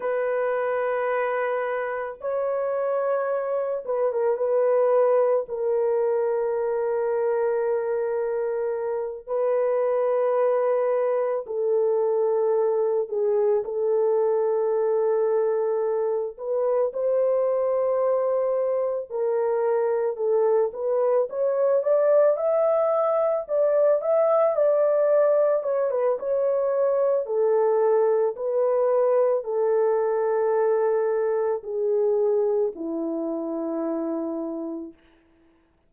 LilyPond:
\new Staff \with { instrumentName = "horn" } { \time 4/4 \tempo 4 = 55 b'2 cis''4. b'16 ais'16 | b'4 ais'2.~ | ais'8 b'2 a'4. | gis'8 a'2~ a'8 b'8 c''8~ |
c''4. ais'4 a'8 b'8 cis''8 | d''8 e''4 d''8 e''8 d''4 cis''16 b'16 | cis''4 a'4 b'4 a'4~ | a'4 gis'4 e'2 | }